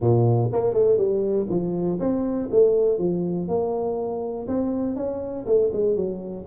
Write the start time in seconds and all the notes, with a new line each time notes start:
0.00 A#2
0.52 A#3
0.73 A3
0.97 G3
1.49 F3
1.99 C4
2.51 A3
2.98 F3
3.48 A#3
4.47 C4
4.96 C#4
5.45 A3
5.72 G#3
5.95 F#3